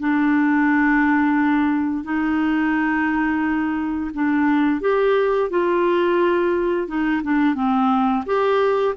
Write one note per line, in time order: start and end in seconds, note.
0.00 2.04 D4
2.04 4.11 D#4
4.14 4.81 D4
4.81 5.50 G4
5.50 6.88 F4
6.88 7.22 D#4
7.24 7.55 D4
7.55 8.24 C4
8.26 8.95 G4